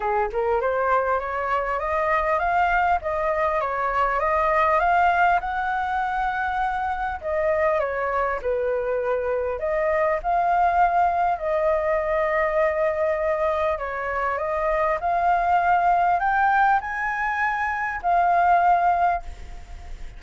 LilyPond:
\new Staff \with { instrumentName = "flute" } { \time 4/4 \tempo 4 = 100 gis'8 ais'8 c''4 cis''4 dis''4 | f''4 dis''4 cis''4 dis''4 | f''4 fis''2. | dis''4 cis''4 b'2 |
dis''4 f''2 dis''4~ | dis''2. cis''4 | dis''4 f''2 g''4 | gis''2 f''2 | }